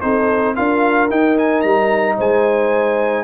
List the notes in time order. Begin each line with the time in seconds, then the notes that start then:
0.00 C4 D#4 A4 C5
0.55 D4 F4 A#4 F5
1.10 D#4 G5
1.38 G#5
1.61 G3 A#5
2.16 G#3 C5 G#5